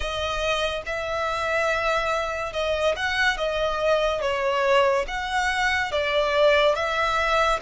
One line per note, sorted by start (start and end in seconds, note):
0.00 0.82 D#5
0.86 2.52 E5
2.52 2.95 D#5
2.96 3.36 F#5
3.36 4.21 D#5
4.21 5.05 C#5
5.07 5.92 F#5
5.92 6.75 D5
6.75 7.59 E5